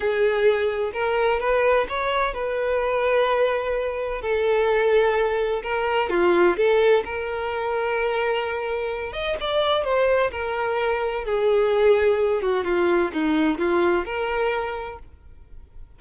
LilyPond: \new Staff \with { instrumentName = "violin" } { \time 4/4 \tempo 4 = 128 gis'2 ais'4 b'4 | cis''4 b'2.~ | b'4 a'2. | ais'4 f'4 a'4 ais'4~ |
ais'2.~ ais'8 dis''8 | d''4 c''4 ais'2 | gis'2~ gis'8 fis'8 f'4 | dis'4 f'4 ais'2 | }